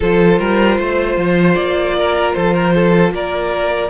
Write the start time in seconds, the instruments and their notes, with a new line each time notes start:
0.00 cello F3, viola F4, violin A4 C5
0.39 cello G3, violin A#4
0.79 cello A3, violin C5
1.16 cello F3
1.54 cello A#3, violin D5
1.97 violin A#4
2.32 cello F3, violin A4 C5
2.54 violin A#4
2.74 violin A4
3.11 cello A#3, violin A#4 D5